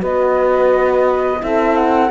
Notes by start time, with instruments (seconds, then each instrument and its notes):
0.00 cello B3, horn F#4, saxophone B4, flute D#5
1.40 cello C4, horn E4, saxophone A4, flute E5
1.77 flute F#5